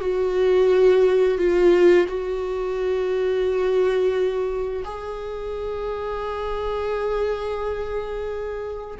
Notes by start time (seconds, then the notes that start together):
0.00 F#4
1.38 F4
2.07 F#4
4.84 G#4